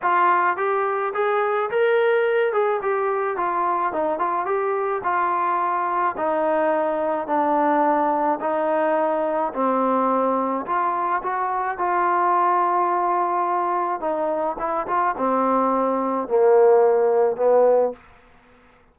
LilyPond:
\new Staff \with { instrumentName = "trombone" } { \time 4/4 \tempo 4 = 107 f'4 g'4 gis'4 ais'4~ | ais'8 gis'8 g'4 f'4 dis'8 f'8 | g'4 f'2 dis'4~ | dis'4 d'2 dis'4~ |
dis'4 c'2 f'4 | fis'4 f'2.~ | f'4 dis'4 e'8 f'8 c'4~ | c'4 ais2 b4 | }